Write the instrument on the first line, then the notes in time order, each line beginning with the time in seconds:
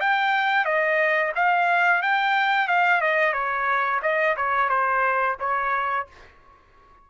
trumpet
0.00 G5
0.65 D#5
1.35 F5
2.02 G5
2.68 F5
3.01 D#5
3.33 C#5
4.02 D#5
4.36 C#5
4.69 C5
5.40 C#5